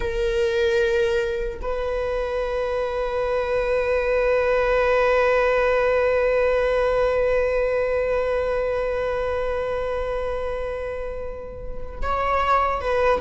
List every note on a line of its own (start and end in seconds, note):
0.00 1.59 A#4
1.61 12.01 B4
12.02 12.80 C#5
12.80 13.20 B4